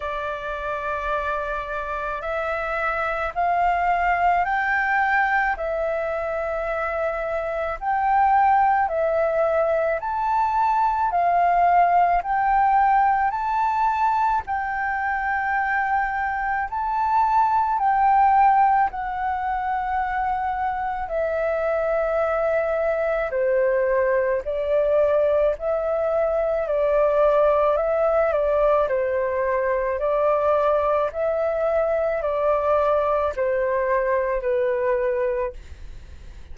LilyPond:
\new Staff \with { instrumentName = "flute" } { \time 4/4 \tempo 4 = 54 d''2 e''4 f''4 | g''4 e''2 g''4 | e''4 a''4 f''4 g''4 | a''4 g''2 a''4 |
g''4 fis''2 e''4~ | e''4 c''4 d''4 e''4 | d''4 e''8 d''8 c''4 d''4 | e''4 d''4 c''4 b'4 | }